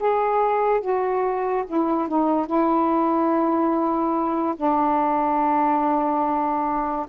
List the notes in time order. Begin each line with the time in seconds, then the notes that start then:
0.00 G#4
0.81 F#4
1.67 E4
2.08 D#4
2.47 E4
4.56 D4